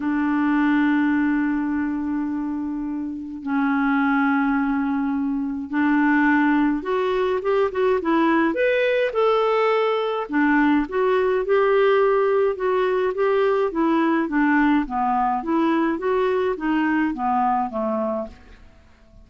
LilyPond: \new Staff \with { instrumentName = "clarinet" } { \time 4/4 \tempo 4 = 105 d'1~ | d'2 cis'2~ | cis'2 d'2 | fis'4 g'8 fis'8 e'4 b'4 |
a'2 d'4 fis'4 | g'2 fis'4 g'4 | e'4 d'4 b4 e'4 | fis'4 dis'4 b4 a4 | }